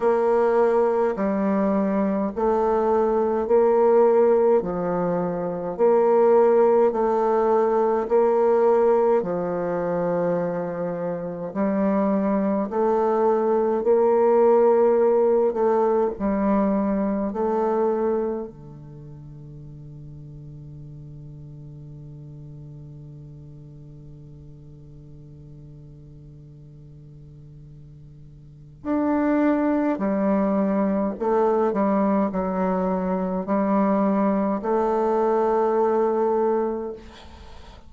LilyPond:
\new Staff \with { instrumentName = "bassoon" } { \time 4/4 \tempo 4 = 52 ais4 g4 a4 ais4 | f4 ais4 a4 ais4 | f2 g4 a4 | ais4. a8 g4 a4 |
d1~ | d1~ | d4 d'4 g4 a8 g8 | fis4 g4 a2 | }